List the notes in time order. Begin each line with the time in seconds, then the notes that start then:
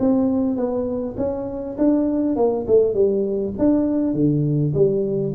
0.00 C4
0.57 B3
1.18 C#4
1.79 D4
2.37 A#3
2.68 A3
2.94 G3
3.59 D4
4.14 D3
4.75 G3